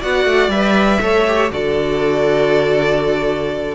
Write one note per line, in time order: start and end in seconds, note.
0.00 0.25 B3
0.00 0.51 F#4
0.00 1.00 D5
0.00 0.50 F#5
0.25 0.48 A3
0.48 0.98 G3
0.48 1.01 B4
0.48 1.50 E5
1.01 1.51 A3
1.01 1.26 A4
1.01 1.52 C#5
1.27 1.51 G4
1.51 3.74 D3
1.51 3.74 F#4
1.51 3.74 A4
1.51 3.74 D5